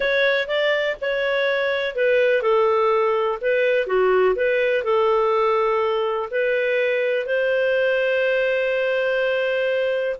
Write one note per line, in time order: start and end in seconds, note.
0.00 0.47 C#5
0.47 0.96 D5
1.01 1.95 C#5
1.95 2.41 B4
2.41 3.38 A4
3.41 3.86 B4
3.86 4.35 F#4
4.35 4.83 B4
4.84 6.29 A4
6.30 7.26 B4
7.26 10.16 C5